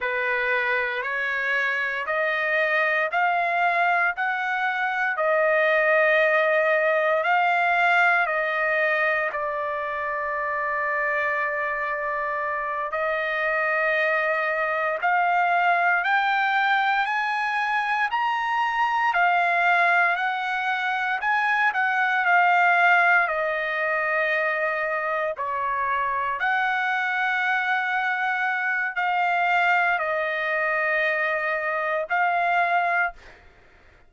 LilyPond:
\new Staff \with { instrumentName = "trumpet" } { \time 4/4 \tempo 4 = 58 b'4 cis''4 dis''4 f''4 | fis''4 dis''2 f''4 | dis''4 d''2.~ | d''8 dis''2 f''4 g''8~ |
g''8 gis''4 ais''4 f''4 fis''8~ | fis''8 gis''8 fis''8 f''4 dis''4.~ | dis''8 cis''4 fis''2~ fis''8 | f''4 dis''2 f''4 | }